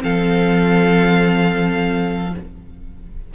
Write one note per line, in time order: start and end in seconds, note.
0.00 2.35 F3
0.00 2.31 C4
0.00 2.34 A4
0.00 2.35 F5